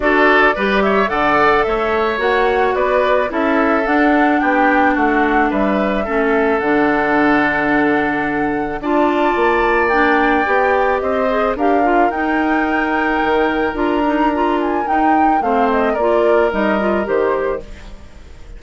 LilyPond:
<<
  \new Staff \with { instrumentName = "flute" } { \time 4/4 \tempo 4 = 109 d''4. e''8 fis''4 e''4 | fis''4 d''4 e''4 fis''4 | g''4 fis''4 e''2 | fis''1 |
a''2 g''2 | dis''4 f''4 g''2~ | g''4 ais''4. gis''8 g''4 | f''8 dis''8 d''4 dis''4 c''4 | }
  \new Staff \with { instrumentName = "oboe" } { \time 4/4 a'4 b'8 cis''8 d''4 cis''4~ | cis''4 b'4 a'2 | g'4 fis'4 b'4 a'4~ | a'1 |
d''1 | c''4 ais'2.~ | ais'1 | c''4 ais'2. | }
  \new Staff \with { instrumentName = "clarinet" } { \time 4/4 fis'4 g'4 a'2 | fis'2 e'4 d'4~ | d'2. cis'4 | d'1 |
f'2 d'4 g'4~ | g'8 gis'8 g'8 f'8 dis'2~ | dis'4 f'8 dis'8 f'4 dis'4 | c'4 f'4 dis'8 f'8 g'4 | }
  \new Staff \with { instrumentName = "bassoon" } { \time 4/4 d'4 g4 d4 a4 | ais4 b4 cis'4 d'4 | b4 a4 g4 a4 | d1 |
d'4 ais2 b4 | c'4 d'4 dis'2 | dis4 d'2 dis'4 | a4 ais4 g4 dis4 | }
>>